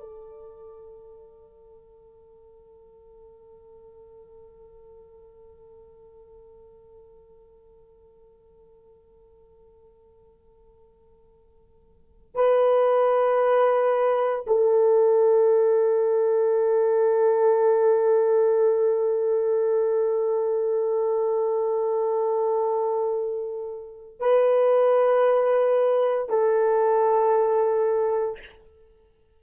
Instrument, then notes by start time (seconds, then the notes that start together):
horn
0.00 A4
12.35 B4
14.47 A4
24.20 B4
26.30 A4